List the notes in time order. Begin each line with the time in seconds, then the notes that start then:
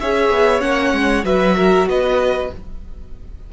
0.00 C#4 G#4 C#5 E5
0.30 B3
0.60 A#3 C#4 F#5
0.93 G#3
1.24 F#3 F#4 B4 E5
1.57 A#4
1.87 B3 B4 D#5